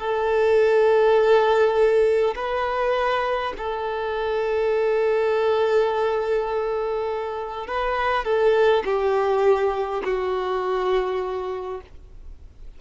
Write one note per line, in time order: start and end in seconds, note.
0.00 2.35 A4
2.36 3.53 B4
3.58 7.67 A4
7.67 8.25 B4
8.25 8.84 A4
8.85 10.03 G4
10.05 11.81 F#4